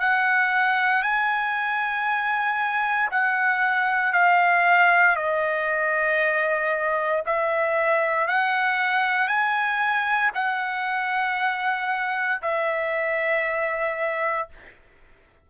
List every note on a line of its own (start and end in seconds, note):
0.00 1.03 F#5
1.03 3.10 G#5
3.11 4.13 F#5
4.13 5.17 F5
5.17 7.24 D#5
7.26 8.28 E5
8.28 9.28 F#5
9.28 10.31 G#5
10.35 12.42 F#5
12.42 14.49 E5